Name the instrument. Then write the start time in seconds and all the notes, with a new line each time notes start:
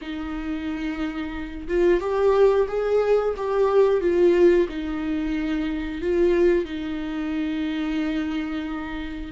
viola
0.01 D#4
1.68 F4
2.00 G4
2.68 G#4
3.37 G4
4.00 F4
4.68 D#4
6.02 F4
6.65 D#4